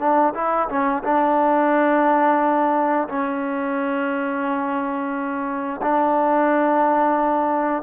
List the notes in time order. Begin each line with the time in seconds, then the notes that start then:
0.00 D4
0.35 E4
0.69 C#4
1.04 D4
3.09 C#4
5.83 D4